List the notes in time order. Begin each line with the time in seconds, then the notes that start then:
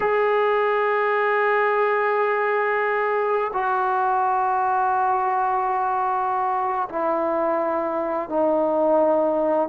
0.00 G#4
3.53 F#4
6.89 E4
8.29 D#4